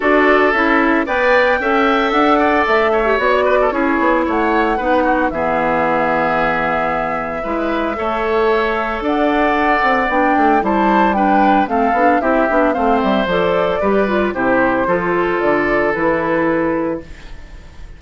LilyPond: <<
  \new Staff \with { instrumentName = "flute" } { \time 4/4 \tempo 4 = 113 d''4 e''4 g''2 | fis''4 e''4 d''4 cis''4 | fis''2 e''2~ | e''1~ |
e''4 fis''2 g''4 | a''4 g''4 f''4 e''4 | f''8 e''8 d''2 c''4~ | c''4 d''4 b'2 | }
  \new Staff \with { instrumentName = "oboe" } { \time 4/4 a'2 d''4 e''4~ | e''8 d''4 cis''4 b'16 a'16 gis'4 | cis''4 b'8 fis'8 gis'2~ | gis'2 b'4 cis''4~ |
cis''4 d''2. | c''4 b'4 a'4 g'4 | c''2 b'4 g'4 | a'1 | }
  \new Staff \with { instrumentName = "clarinet" } { \time 4/4 fis'4 e'4 b'4 a'4~ | a'4.~ a'16 g'16 fis'4 e'4~ | e'4 dis'4 b2~ | b2 e'4 a'4~ |
a'2. d'4 | e'4 d'4 c'8 d'8 e'8 d'8 | c'4 a'4 g'8 f'8 e'4 | f'2 e'2 | }
  \new Staff \with { instrumentName = "bassoon" } { \time 4/4 d'4 cis'4 b4 cis'4 | d'4 a4 b4 cis'8 b8 | a4 b4 e2~ | e2 gis4 a4~ |
a4 d'4. c'8 b8 a8 | g2 a8 b8 c'8 b8 | a8 g8 f4 g4 c4 | f4 d4 e2 | }
>>